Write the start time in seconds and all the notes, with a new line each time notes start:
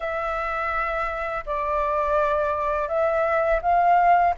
0.00 E5
1.46 D5
2.88 E5
3.61 F5